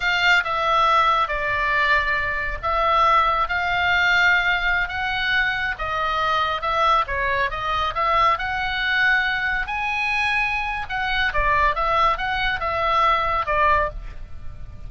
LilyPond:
\new Staff \with { instrumentName = "oboe" } { \time 4/4 \tempo 4 = 138 f''4 e''2 d''4~ | d''2 e''2 | f''2.~ f''16 fis''8.~ | fis''4~ fis''16 dis''2 e''8.~ |
e''16 cis''4 dis''4 e''4 fis''8.~ | fis''2~ fis''16 gis''4.~ gis''16~ | gis''4 fis''4 d''4 e''4 | fis''4 e''2 d''4 | }